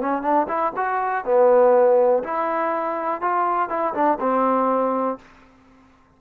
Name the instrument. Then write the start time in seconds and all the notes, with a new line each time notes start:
trombone
0.00 C#4
0.22 D4
0.48 E4
0.76 F#4
1.25 B3
2.24 E4
3.21 F4
3.69 E4
3.94 D4
4.20 C4